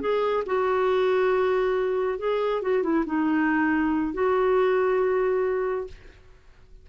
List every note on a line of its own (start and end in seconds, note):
0.00 0.43 G#4
0.46 2.18 F#4
2.18 2.62 G#4
2.62 2.83 F#4
2.83 3.04 E4
3.06 4.13 D#4
4.13 5.87 F#4